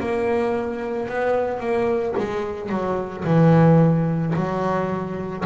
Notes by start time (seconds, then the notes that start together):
0.00 A#3
1.09 B3
1.60 A#3
2.18 G#3
2.69 F#3
3.25 E3
4.35 F#3